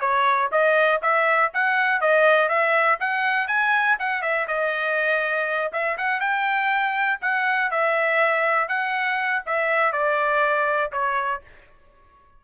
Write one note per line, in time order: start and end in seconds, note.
0.00 0.50 C#5
0.51 1.01 D#5
1.02 1.51 E5
1.53 2.00 F#5
2.00 2.48 D#5
2.48 2.98 E5
3.00 3.47 F#5
3.47 3.97 G#5
3.99 4.22 F#5
4.22 4.47 E5
4.47 5.71 D#5
5.72 5.97 E5
5.97 6.20 F#5
6.20 7.19 G5
7.21 7.70 F#5
7.70 8.68 E5
8.68 9.42 F#5
9.46 9.92 E5
9.92 10.91 D5
10.92 11.41 C#5